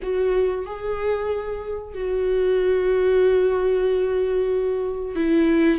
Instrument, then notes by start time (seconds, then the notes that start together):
viola
0.02 F#4
0.65 G#4
1.94 F#4
5.15 E4